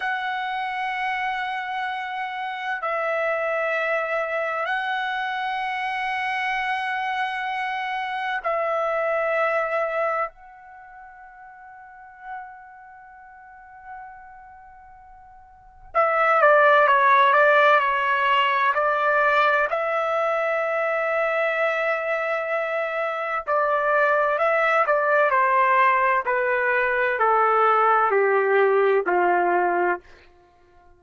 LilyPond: \new Staff \with { instrumentName = "trumpet" } { \time 4/4 \tempo 4 = 64 fis''2. e''4~ | e''4 fis''2.~ | fis''4 e''2 fis''4~ | fis''1~ |
fis''4 e''8 d''8 cis''8 d''8 cis''4 | d''4 e''2.~ | e''4 d''4 e''8 d''8 c''4 | b'4 a'4 g'4 f'4 | }